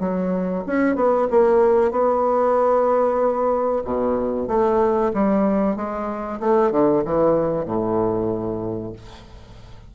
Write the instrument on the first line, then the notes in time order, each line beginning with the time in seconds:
bassoon
0.00 F#3
0.66 C#4
0.96 B3
1.31 A#3
1.91 B3
3.84 B2
4.48 A3
5.14 G3
5.76 G#3
6.40 A3
6.71 D3
7.05 E3
7.65 A2